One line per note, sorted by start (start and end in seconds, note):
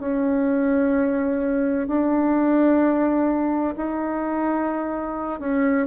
0.00 1.87 C#4
1.87 3.75 D4
3.77 5.40 D#4
5.40 5.87 C#4